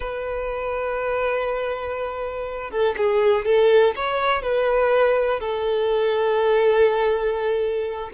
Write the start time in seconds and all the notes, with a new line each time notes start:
0.00 B4
2.70 A4
2.97 G#4
3.45 A4
3.95 C#5
4.42 B4
5.40 A4